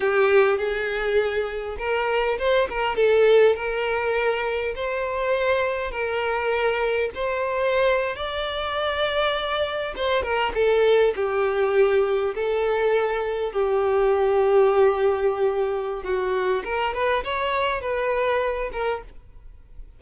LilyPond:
\new Staff \with { instrumentName = "violin" } { \time 4/4 \tempo 4 = 101 g'4 gis'2 ais'4 | c''8 ais'8 a'4 ais'2 | c''2 ais'2 | c''4.~ c''16 d''2~ d''16~ |
d''8. c''8 ais'8 a'4 g'4~ g'16~ | g'8. a'2 g'4~ g'16~ | g'2. fis'4 | ais'8 b'8 cis''4 b'4. ais'8 | }